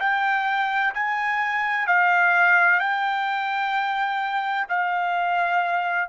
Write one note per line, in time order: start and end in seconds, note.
0.00 0.94 G5
0.95 1.87 G#5
1.87 2.80 F5
2.80 4.67 G5
4.69 6.09 F5